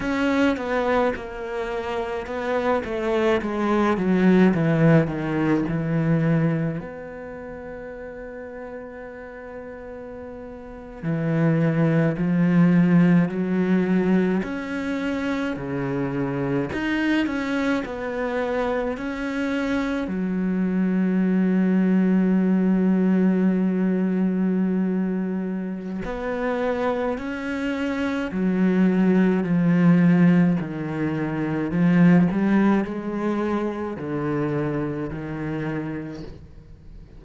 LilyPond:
\new Staff \with { instrumentName = "cello" } { \time 4/4 \tempo 4 = 53 cis'8 b8 ais4 b8 a8 gis8 fis8 | e8 dis8 e4 b2~ | b4.~ b16 e4 f4 fis16~ | fis8. cis'4 cis4 dis'8 cis'8 b16~ |
b8. cis'4 fis2~ fis16~ | fis2. b4 | cis'4 fis4 f4 dis4 | f8 g8 gis4 d4 dis4 | }